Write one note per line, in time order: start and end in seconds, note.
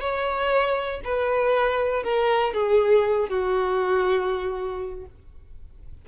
0.00 1.01 C#5
1.04 2.03 B4
2.03 2.53 A#4
2.53 3.28 G#4
3.28 5.05 F#4